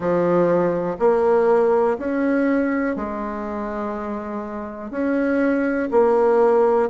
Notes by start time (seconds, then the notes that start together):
0.00 F3
0.99 A#3
1.98 C#4
2.96 G#3
4.90 C#4
5.91 A#3